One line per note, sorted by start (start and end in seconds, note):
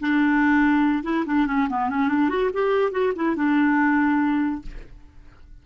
0.00 1.03 D4
1.03 1.24 E4
1.26 1.47 D4
1.47 1.68 C#4
1.69 1.89 B3
1.89 2.08 C#4
2.08 2.29 D4
2.29 2.50 F#4
2.53 2.91 G4
2.91 3.12 F#4
3.15 3.36 E4
3.36 4.62 D4